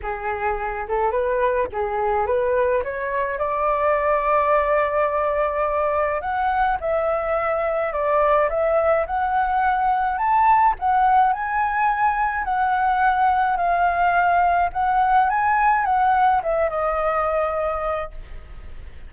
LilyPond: \new Staff \with { instrumentName = "flute" } { \time 4/4 \tempo 4 = 106 gis'4. a'8 b'4 gis'4 | b'4 cis''4 d''2~ | d''2. fis''4 | e''2 d''4 e''4 |
fis''2 a''4 fis''4 | gis''2 fis''2 | f''2 fis''4 gis''4 | fis''4 e''8 dis''2~ dis''8 | }